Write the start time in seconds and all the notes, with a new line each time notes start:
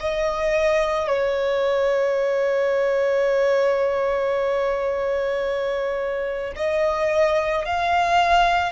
0.00 D#5
1.08 C#5
6.56 D#5
7.65 F5